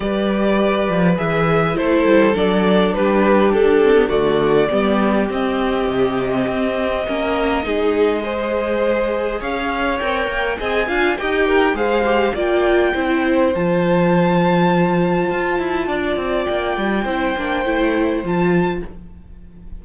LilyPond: <<
  \new Staff \with { instrumentName = "violin" } { \time 4/4 \tempo 4 = 102 d''2 e''4 c''4 | d''4 b'4 a'4 d''4~ | d''4 dis''2.~ | dis''1 |
f''4 g''4 gis''4 g''4 | f''4 g''2 a''4~ | a''1 | g''2. a''4 | }
  \new Staff \with { instrumentName = "violin" } { \time 4/4 b'2. a'4~ | a'4 g'2 fis'4 | g'1 | ais'4 gis'4 c''2 |
cis''2 dis''8 f''8 dis''8 ais'8 | c''4 d''4 c''2~ | c''2. d''4~ | d''4 c''2. | }
  \new Staff \with { instrumentName = "viola" } { \time 4/4 g'2 gis'4 e'4 | d'2~ d'8 c'16 b16 a4 | b4 c'2. | cis'4 dis'4 gis'2~ |
gis'4 ais'4 gis'8 f'8 g'4 | gis'8 g'8 f'4 e'4 f'4~ | f'1~ | f'4 e'8 d'8 e'4 f'4 | }
  \new Staff \with { instrumentName = "cello" } { \time 4/4 g4. f8 e4 a8 g8 | fis4 g4 d'4 d4 | g4 c'4 c4 c'4 | ais4 gis2. |
cis'4 c'8 ais8 c'8 d'8 dis'4 | gis4 ais4 c'4 f4~ | f2 f'8 e'8 d'8 c'8 | ais8 g8 c'8 ais8 a4 f4 | }
>>